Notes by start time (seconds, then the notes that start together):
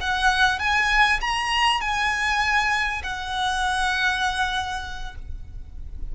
0.00 F#5
0.59 G#5
1.20 A#5
1.80 G#5
3.03 F#5